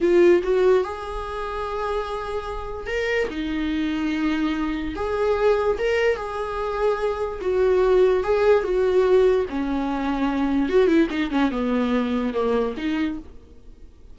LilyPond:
\new Staff \with { instrumentName = "viola" } { \time 4/4 \tempo 4 = 146 f'4 fis'4 gis'2~ | gis'2. ais'4 | dis'1 | gis'2 ais'4 gis'4~ |
gis'2 fis'2 | gis'4 fis'2 cis'4~ | cis'2 fis'8 e'8 dis'8 cis'8 | b2 ais4 dis'4 | }